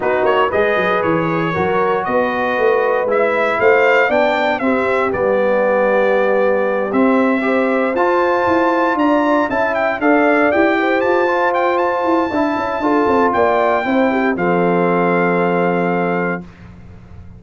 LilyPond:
<<
  \new Staff \with { instrumentName = "trumpet" } { \time 4/4 \tempo 4 = 117 b'8 cis''8 dis''4 cis''2 | dis''2 e''4 f''4 | g''4 e''4 d''2~ | d''4. e''2 a''8~ |
a''4. ais''4 a''8 g''8 f''8~ | f''8 g''4 a''4 g''8 a''4~ | a''2 g''2 | f''1 | }
  \new Staff \with { instrumentName = "horn" } { \time 4/4 fis'4 b'2 ais'4 | b'2. c''4 | d''4 g'2.~ | g'2~ g'8 c''4.~ |
c''4. d''4 e''4 d''8~ | d''4 c''2. | e''4 a'4 d''4 c''8 g'8 | a'1 | }
  \new Staff \with { instrumentName = "trombone" } { \time 4/4 dis'4 gis'2 fis'4~ | fis'2 e'2 | d'4 c'4 b2~ | b4. c'4 g'4 f'8~ |
f'2~ f'8 e'4 a'8~ | a'8 g'4. f'2 | e'4 f'2 e'4 | c'1 | }
  \new Staff \with { instrumentName = "tuba" } { \time 4/4 b8 ais8 gis8 fis8 e4 fis4 | b4 a4 gis4 a4 | b4 c'4 g2~ | g4. c'2 f'8~ |
f'8 e'4 d'4 cis'4 d'8~ | d'8 e'4 f'2 e'8 | d'8 cis'8 d'8 c'8 ais4 c'4 | f1 | }
>>